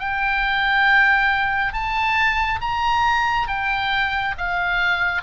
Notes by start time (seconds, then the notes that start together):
0.00 G5
1.74 A5
2.61 A#5
3.49 G5
4.38 F5